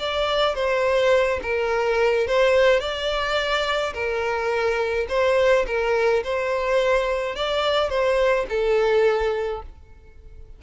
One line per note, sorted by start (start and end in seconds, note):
0.00 0.56 D5
0.56 1.40 C5
1.43 2.28 A#4
2.28 2.81 C5
2.81 3.94 D5
3.94 5.07 A#4
5.09 5.66 C5
5.67 6.24 A#4
6.24 7.36 C5
7.36 7.90 D5
7.90 8.46 C5
8.50 9.63 A4